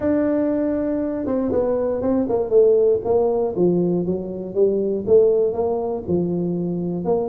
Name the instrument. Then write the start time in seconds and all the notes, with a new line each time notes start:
tuba
0.00 D4
1.25 C4
1.51 B3
2.01 C4
2.28 A#3
2.49 A3
3.04 A#3
3.56 F3
4.05 F#3
4.54 G3
5.06 A3
5.53 A#3
6.07 F3
7.04 A#3